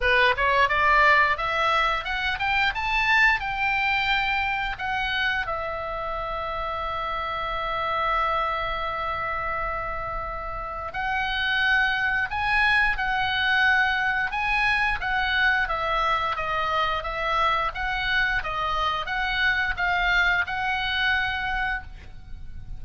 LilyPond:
\new Staff \with { instrumentName = "oboe" } { \time 4/4 \tempo 4 = 88 b'8 cis''8 d''4 e''4 fis''8 g''8 | a''4 g''2 fis''4 | e''1~ | e''1 |
fis''2 gis''4 fis''4~ | fis''4 gis''4 fis''4 e''4 | dis''4 e''4 fis''4 dis''4 | fis''4 f''4 fis''2 | }